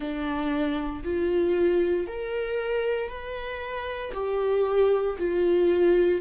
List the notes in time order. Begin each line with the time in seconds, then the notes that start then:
0.00 D4
1.03 F4
2.07 A#4
3.08 B4
4.13 G4
5.18 F4